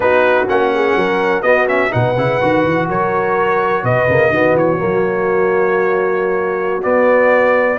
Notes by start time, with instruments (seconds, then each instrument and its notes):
0.00 tuba B3, trombone D#4, horn F#4, trumpet B4
0.48 tuba A#3, trombone C#4, trumpet F#5
0.74 horn G#4
0.95 tuba F#3, horn A#4
1.42 tuba B3, trombone B3, horn F#4, trumpet D#5
1.67 trombone C#4, trumpet E5
1.90 tuba B2, trombone D#4, horn B4, trumpet F#5
2.17 tuba C#3, trombone E4
2.40 tuba D#3, trombone F#4
2.65 tuba E3
2.88 tuba F#3, horn A#4, trumpet C#5
3.83 tuba B2, horn B4, trumpet D#5
4.08 tuba C#3, trombone A#3
4.29 tuba D#3, trombone B3, horn F#4
4.54 tuba E3, trumpet C#5
4.77 tuba F#3, trombone A#3
6.82 trombone B3, tuba B3, trumpet D5